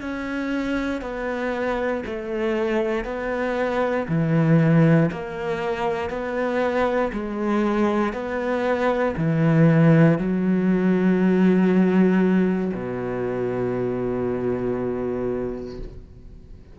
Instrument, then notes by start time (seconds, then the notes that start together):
cello
0.00 C#4
1.01 B3
2.05 A3
3.04 B3
4.08 E3
5.11 A#3
6.09 B3
7.12 G#3
8.13 B3
9.17 E3
10.18 F#3
12.73 B2